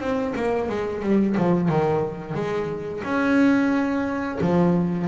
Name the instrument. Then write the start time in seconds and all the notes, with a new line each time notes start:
double bass
0.00 C4
0.36 A#3
0.69 G#3
1.02 G3
1.37 F3
1.69 D#3
2.34 G#3
3.04 C#4
4.41 F3